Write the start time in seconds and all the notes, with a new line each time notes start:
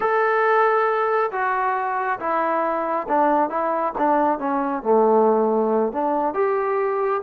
0.00 A4
1.31 F#4
2.19 E4
3.08 D4
3.49 E4
3.98 D4
4.39 C#4
4.83 A3
5.92 D4
6.34 G4